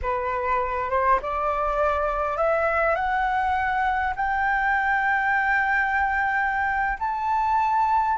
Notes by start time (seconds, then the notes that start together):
0.02 B4
0.89 C5
1.22 D5
2.37 E5
2.95 F#5
4.16 G5
6.99 A5